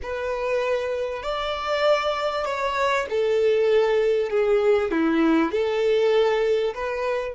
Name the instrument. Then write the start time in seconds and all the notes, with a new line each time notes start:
violin
0.02 B4
1.22 D5
2.45 C#5
3.09 A4
4.29 G#4
4.91 E4
5.51 A4
6.74 B4